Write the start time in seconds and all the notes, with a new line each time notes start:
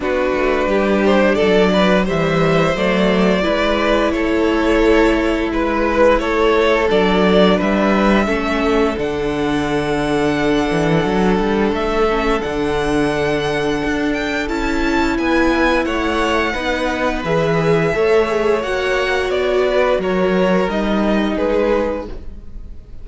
0.00 B3 D4 F#4 B4
0.34 A3
0.66 G3 G4
1.05 C5
1.34 F#3 A4 D5
1.73 B4
2.04 E3 G3 C5 E5
2.74 F#3 A3 D5
3.42 G#3 E4 B4
4.12 A3 A4 C#5
5.51 G#3 B4
6.19 A3 A4 C#5
6.89 F#3 D4 D5
7.56 G3 B4 E5
8.26 A3 C#4 A4
8.97 D3 D4 F#5
10.70 E3
11.04 F#3
11.39 G3
11.72 A3 E5
12.09 C#4
12.41 D3 D4 F#5
13.84 D4
14.13 G5
14.47 C#4 E4 A5
15.17 B3 B4 G#5
15.84 A3 C#5 F#5
16.52 B3 D#4 B4
17.24 E3 G#4 E5
17.93 A3 A4 C#5
18.27 G#4
18.62 A#3 F#4 F#5
19.30 B3 D5
19.68 B4
19.98 F#3 A#4 C#5
20.67 G3 D#4 D#5
21.34 G#3 G#4 B4